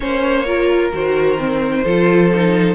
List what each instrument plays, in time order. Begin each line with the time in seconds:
0.00 cello A#3, viola C#4, violin C5 C#5
0.46 viola F4, violin A#4
0.93 cello D#3, viola F#4, violin C5
1.37 viola C4
1.84 cello F3, viola F4, violin A4
2.34 viola D#4